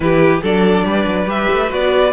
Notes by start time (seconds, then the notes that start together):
0.00 E3 E4 G4 B4
0.42 F#3 D4 A4 D5
0.84 G3 B4
1.06 F#3
1.25 G3 G4 E5
1.50 A3
1.69 B3 F#4 D5